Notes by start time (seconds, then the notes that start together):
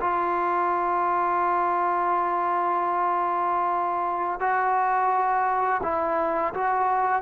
0.00 F4
4.40 F#4
5.83 E4
6.53 F#4